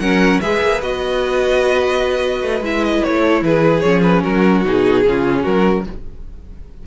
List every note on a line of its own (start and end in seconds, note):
0.00 0.40 F#3
0.00 0.41 C#4
0.00 0.41 A#4
0.00 0.41 F#5
0.41 0.62 G#3
0.41 0.82 G#4
0.41 3.21 B4
0.41 0.81 E5
0.62 0.82 A#3
0.82 2.42 B3
0.82 2.63 F#4
0.82 2.64 D#5
2.42 2.61 A3
2.61 3.01 G#3
2.61 3.84 E4
2.61 2.85 E5
2.85 3.04 D#5
3.04 3.42 A3
3.04 3.44 C#5
3.21 3.41 A4
3.42 3.82 E3
3.42 4.23 G#4
3.42 3.81 B4
3.81 4.25 F3
3.81 4.65 C#4
3.81 4.01 C#5
4.03 4.23 B4
4.23 4.65 F#3
4.23 5.04 F#4
4.23 4.64 A#4
4.65 5.05 B2
4.65 5.04 D#4
4.65 5.44 G#4
5.04 5.45 C#3
5.04 5.85 C#4
5.04 5.43 F4
5.43 5.87 F#3
5.43 5.83 F#4
5.43 5.85 A#4